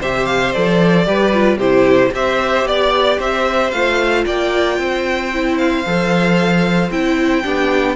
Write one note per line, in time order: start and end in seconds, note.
0.00 0.56 C3
0.00 0.56 G4
0.00 1.06 C5
0.00 0.26 E5
0.26 0.53 F5
0.53 1.07 F3
0.53 1.06 A4
0.53 1.59 D5
1.06 1.57 G3
1.06 1.33 G4
1.06 1.58 B4
1.34 1.60 F4
1.57 2.10 C3
1.57 2.14 E4
1.57 2.11 G4
1.57 2.14 C5
2.14 2.66 C4
2.14 3.73 G4
2.14 2.68 C5
2.14 2.68 E5
2.66 3.19 B3
2.66 3.21 D5
2.66 3.19 D5
3.19 3.73 C4
3.19 4.25 C5
3.19 3.71 E5
3.71 4.26 A3
3.71 5.33 F4
3.71 4.25 F5
4.26 4.79 A#3
4.26 4.79 D5
4.26 5.58 G5
4.79 5.85 C4
4.79 7.43 C5
5.33 5.86 E4
5.58 6.91 F5
5.86 6.91 F3
5.86 6.92 A4
6.91 7.44 C4
6.91 7.43 E4
6.91 7.96 G5
7.43 7.96 B3
7.43 7.96 D4
7.43 7.96 G4